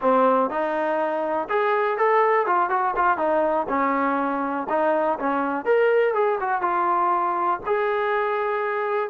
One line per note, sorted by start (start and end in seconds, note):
0.01 0.50 C4
0.50 1.48 D#4
1.49 1.97 G#4
1.97 2.46 A4
2.46 2.69 F4
2.69 2.94 F#4
2.96 3.17 F4
3.17 3.66 D#4
3.69 4.67 C#4
4.69 5.18 D#4
5.19 5.65 C#4
5.65 6.14 A#4
6.14 6.38 G#4
6.40 6.61 F#4
6.61 7.60 F4
7.65 9.10 G#4